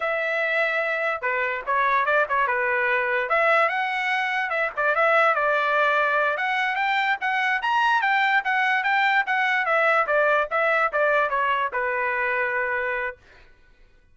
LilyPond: \new Staff \with { instrumentName = "trumpet" } { \time 4/4 \tempo 4 = 146 e''2. b'4 | cis''4 d''8 cis''8 b'2 | e''4 fis''2 e''8 d''8 | e''4 d''2~ d''8 fis''8~ |
fis''8 g''4 fis''4 ais''4 g''8~ | g''8 fis''4 g''4 fis''4 e''8~ | e''8 d''4 e''4 d''4 cis''8~ | cis''8 b'2.~ b'8 | }